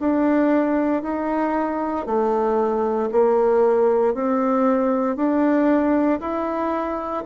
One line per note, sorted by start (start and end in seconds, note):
0.00 1.03 D4
1.03 2.07 D#4
2.07 3.10 A3
3.13 4.15 A#3
4.15 5.17 C4
5.17 6.20 D4
6.21 7.24 E4